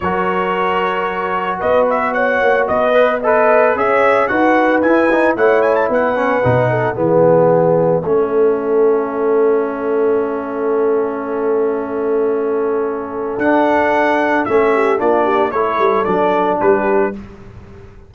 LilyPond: <<
  \new Staff \with { instrumentName = "trumpet" } { \time 4/4 \tempo 4 = 112 cis''2. dis''8 e''8 | fis''4 dis''4 b'4 e''4 | fis''4 gis''4 fis''8 gis''16 a''16 fis''4~ | fis''4 e''2.~ |
e''1~ | e''1~ | e''4 fis''2 e''4 | d''4 cis''4 d''4 b'4 | }
  \new Staff \with { instrumentName = "horn" } { \time 4/4 ais'2. b'4 | cis''4 b'4 dis''4 cis''4 | b'2 cis''4 b'4~ | b'8 a'8 gis'2 a'4~ |
a'1~ | a'1~ | a'2.~ a'8 g'8 | f'8 g'8 a'2 g'4 | }
  \new Staff \with { instrumentName = "trombone" } { \time 4/4 fis'1~ | fis'4. b'8 a'4 gis'4 | fis'4 e'8 dis'8 e'4. cis'8 | dis'4 b2 cis'4~ |
cis'1~ | cis'1~ | cis'4 d'2 cis'4 | d'4 e'4 d'2 | }
  \new Staff \with { instrumentName = "tuba" } { \time 4/4 fis2. b4~ | b8 ais8 b2 cis'4 | dis'4 e'4 a4 b4 | b,4 e2 a4~ |
a1~ | a1~ | a4 d'2 a4 | ais4 a8 g8 fis4 g4 | }
>>